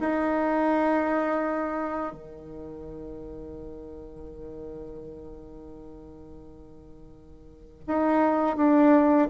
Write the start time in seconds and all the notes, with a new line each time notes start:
0.00 D#4
2.13 D#3
7.87 D#4
8.56 D4